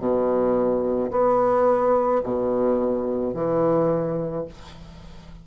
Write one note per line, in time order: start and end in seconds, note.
0.00 1.11 B2
1.11 2.22 B3
2.24 3.34 B2
3.34 4.45 E3